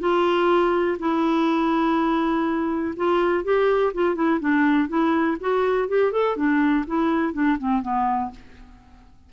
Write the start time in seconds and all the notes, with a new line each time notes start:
0.00 F4
0.99 E4
2.97 F4
3.44 G4
3.94 F4
4.16 E4
4.40 D4
4.89 E4
5.41 F#4
5.88 G4
6.12 A4
6.37 D4
6.87 E4
7.33 D4
7.58 C4
7.82 B3